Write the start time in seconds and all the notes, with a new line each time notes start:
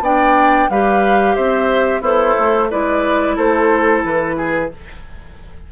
0.00 B3 D4 D5 G5
0.69 G3 G4 B4 F5
1.35 C4 C5 E5
2.01 B3 E4 A4 C5
2.38 A3
2.70 G#3 E4 B4 D5
3.36 A3 A4 C5
4.04 E3 B4
4.37 G#4